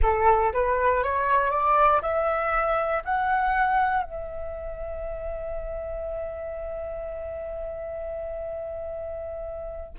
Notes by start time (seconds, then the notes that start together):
0.02 A4
0.53 B4
1.03 C#5
1.50 D5
2.02 E5
3.04 F#5
4.02 E5